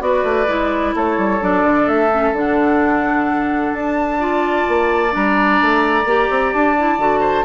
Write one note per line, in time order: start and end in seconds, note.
0.00 0.24 B3
0.00 0.47 F#4
0.00 0.95 B4
0.00 0.95 D5
0.24 0.47 A3
0.48 0.94 G#3
0.48 1.41 E4
0.95 1.18 A3
0.95 4.20 A4
0.95 1.43 C#5
1.18 1.41 G3
1.41 1.63 F#3
1.41 2.11 D4
1.41 1.88 D5
1.63 1.87 D3
1.88 2.33 A3
1.88 2.35 E5
2.12 2.35 C#4
2.33 3.72 D3
2.33 4.19 D4
2.33 3.74 F#5
3.73 4.66 D4
3.73 5.13 A5
4.19 5.11 F4
4.19 7.21 D5
4.68 5.15 A#3
5.11 5.62 G3
5.11 6.04 D4
5.11 6.54 A#5
5.62 6.05 A3
6.05 6.28 A#3
6.05 6.77 G4
6.30 6.54 C4
6.54 6.98 D4
6.54 7.45 A5
6.78 6.99 E4
6.98 7.45 D3
6.98 7.45 F#4
7.21 7.44 C5